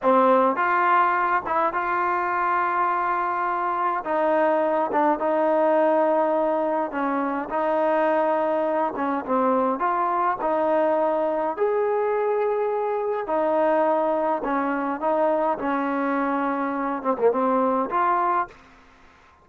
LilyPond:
\new Staff \with { instrumentName = "trombone" } { \time 4/4 \tempo 4 = 104 c'4 f'4. e'8 f'4~ | f'2. dis'4~ | dis'8 d'8 dis'2. | cis'4 dis'2~ dis'8 cis'8 |
c'4 f'4 dis'2 | gis'2. dis'4~ | dis'4 cis'4 dis'4 cis'4~ | cis'4. c'16 ais16 c'4 f'4 | }